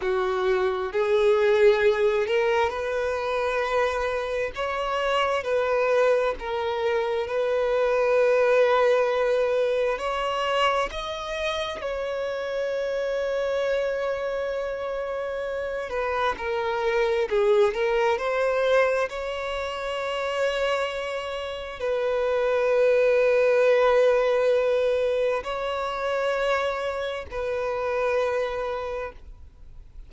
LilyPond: \new Staff \with { instrumentName = "violin" } { \time 4/4 \tempo 4 = 66 fis'4 gis'4. ais'8 b'4~ | b'4 cis''4 b'4 ais'4 | b'2. cis''4 | dis''4 cis''2.~ |
cis''4. b'8 ais'4 gis'8 ais'8 | c''4 cis''2. | b'1 | cis''2 b'2 | }